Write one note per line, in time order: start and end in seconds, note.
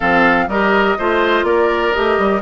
0.00 0.47 F3
0.00 0.49 C4
0.00 0.45 A4
0.00 0.48 F5
0.47 0.96 G3
0.47 0.99 G4
0.47 0.97 A#4
0.47 1.44 D#5
0.98 1.43 A3
0.98 1.93 F4
0.98 1.45 C5
1.43 1.91 A#3
1.43 2.42 A#4
1.43 1.93 D5
1.93 2.18 A3
1.93 2.42 G4
1.93 2.41 D#5
2.18 2.42 G3